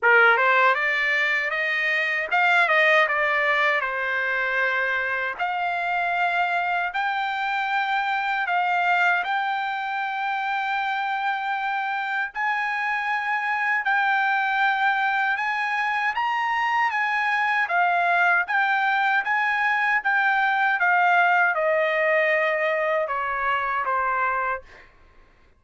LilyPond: \new Staff \with { instrumentName = "trumpet" } { \time 4/4 \tempo 4 = 78 ais'8 c''8 d''4 dis''4 f''8 dis''8 | d''4 c''2 f''4~ | f''4 g''2 f''4 | g''1 |
gis''2 g''2 | gis''4 ais''4 gis''4 f''4 | g''4 gis''4 g''4 f''4 | dis''2 cis''4 c''4 | }